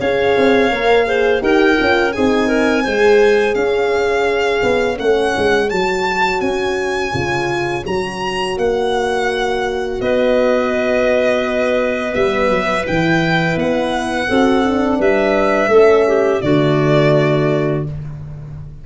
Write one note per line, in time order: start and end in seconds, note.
0.00 0.37 C#4
0.00 0.71 G#4
0.00 1.07 C#5
0.00 1.43 F5
0.37 0.71 C4
0.71 1.42 A#3
0.71 1.06 A#4
1.06 1.40 G#4
1.06 1.43 C5
1.40 1.78 D#4
1.40 1.76 G4
1.40 2.15 A#4
1.40 2.13 G5
1.76 2.17 C#4
1.76 2.12 F4
2.13 2.87 C4
2.13 2.85 D#4
2.13 2.48 G#4
2.13 3.55 G#5
2.48 2.83 A#4
2.84 3.56 G#3
2.84 4.97 G#4
2.84 3.55 C5
3.55 4.63 C#4
3.55 9.98 C#5
3.55 4.98 F5
4.63 4.99 B3
4.97 5.35 A3
4.97 5.68 C#4
4.97 5.70 F#5
5.37 5.72 G#3
5.70 6.42 F#3
5.70 7.13 F#4
5.70 6.41 A5
6.41 7.13 C#4
6.41 7.84 G#5
7.13 7.85 C#3
7.13 7.85 F4
7.86 8.57 F#3
7.86 12.12 F#4
7.86 8.58 A#5
8.57 10.00 A#3
8.57 10.01 F#5
10.01 12.16 B3
10.01 14.29 B4
10.01 12.15 D#5
12.12 12.50 G3
12.12 12.83 B3
12.12 12.86 E5
12.50 12.86 F#3
12.85 13.56 E3
12.85 14.28 E4
12.85 13.59 G5
13.56 14.28 B3
13.56 15.01 F#5
14.29 15.00 C4
14.29 14.64 F#4
14.29 14.99 A4
14.64 15.71 D4
14.99 15.68 G3
14.99 15.70 B4
14.99 16.42 E5
15.68 16.40 A3
15.68 16.42 C#4
15.68 16.07 A4
16.08 16.44 G4
16.42 17.86 D3
16.42 17.85 A3
16.42 17.86 F#4
16.42 17.85 D5